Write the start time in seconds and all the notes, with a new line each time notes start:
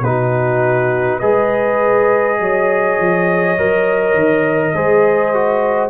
0.00 B2 D#4 B4
0.08 F#4
1.20 G#3 G#4 B4 D#5
2.40 F#3 C#5
2.99 F3
3.58 F#3 A#4
4.14 D#3
4.75 G#3 G#4 C5
5.34 F#4